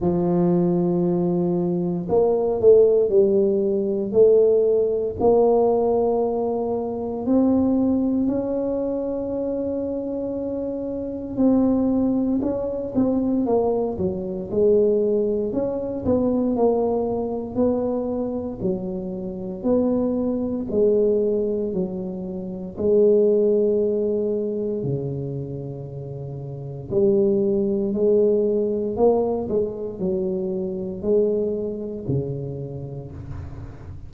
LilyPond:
\new Staff \with { instrumentName = "tuba" } { \time 4/4 \tempo 4 = 58 f2 ais8 a8 g4 | a4 ais2 c'4 | cis'2. c'4 | cis'8 c'8 ais8 fis8 gis4 cis'8 b8 |
ais4 b4 fis4 b4 | gis4 fis4 gis2 | cis2 g4 gis4 | ais8 gis8 fis4 gis4 cis4 | }